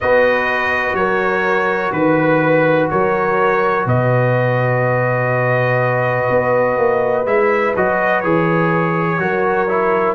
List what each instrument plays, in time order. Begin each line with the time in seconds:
0.00 tuba B3, trombone F#4, horn B4, trumpet D#5
0.93 tuba F#3, horn A#4, trumpet C#5
1.92 tuba D#3, trumpet B4, horn B4
2.90 tuba F#3, horn A#4, trumpet C#5
3.85 tuba B2, horn B4, trumpet D#5
6.30 tuba B3
6.77 tuba A#3
7.25 tuba G#3, trombone E4, trumpet E5
7.75 tuba F#3, trombone F#4, trumpet D#5
8.20 tuba E3, trombone G#4, trumpet C#5
9.19 tuba F#3, trombone F#4, horn A#4
9.68 trombone E4